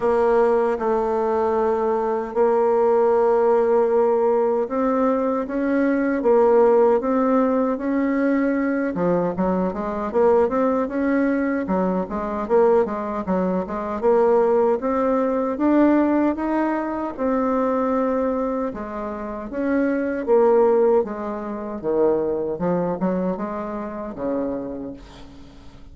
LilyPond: \new Staff \with { instrumentName = "bassoon" } { \time 4/4 \tempo 4 = 77 ais4 a2 ais4~ | ais2 c'4 cis'4 | ais4 c'4 cis'4. f8 | fis8 gis8 ais8 c'8 cis'4 fis8 gis8 |
ais8 gis8 fis8 gis8 ais4 c'4 | d'4 dis'4 c'2 | gis4 cis'4 ais4 gis4 | dis4 f8 fis8 gis4 cis4 | }